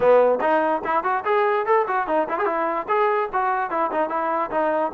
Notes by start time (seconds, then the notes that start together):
0.00 B3
0.41 D#4
0.84 E4
1.03 F#4
1.24 G#4
1.66 A4
1.87 F#4
2.07 D#4
2.28 E4
2.38 G#4
2.45 E4
2.88 G#4
3.32 F#4
3.70 E4
3.91 D#4
4.09 E4
4.50 D#4